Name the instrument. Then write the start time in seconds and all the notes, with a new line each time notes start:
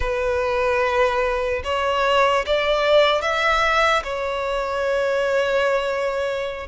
violin
0.00 B4
1.64 C#5
2.46 D5
3.21 E5
4.03 C#5